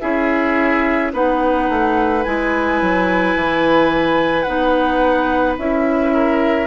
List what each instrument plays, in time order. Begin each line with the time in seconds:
0.00 bassoon C#4, clarinet E4, oboe G#4, flute E5
1.13 bassoon B3, clarinet D#4, oboe B4, flute F#5
1.69 bassoon A3
2.24 bassoon G#3, clarinet E4, flute G#5
2.81 bassoon F#3
3.35 bassoon E3
4.42 bassoon B3, clarinet D#4, flute F#5
5.57 bassoon C#4, clarinet E4, flute E5
6.13 oboe A#4